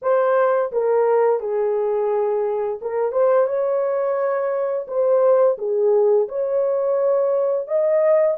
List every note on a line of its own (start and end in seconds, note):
0.02 0.71 C5
0.72 1.40 A#4
1.40 2.79 G#4
2.81 3.12 A#4
3.12 3.47 C5
3.47 4.86 C#5
4.87 5.57 C5
5.58 6.28 G#4
6.28 7.67 C#5
7.67 8.37 D#5